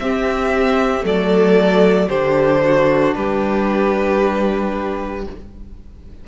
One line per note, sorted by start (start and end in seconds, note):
0.00 1.04 C4
0.00 1.02 C4
0.00 1.06 G4
0.00 1.05 E5
1.02 2.10 F#3
1.02 2.08 A3
1.02 2.09 A4
1.02 2.09 D5
2.09 3.16 D3
2.09 5.26 D4
2.09 2.62 G4
2.09 3.15 C5
2.66 3.17 F#4
3.15 5.27 G3
3.15 5.28 G4
3.15 5.26 B4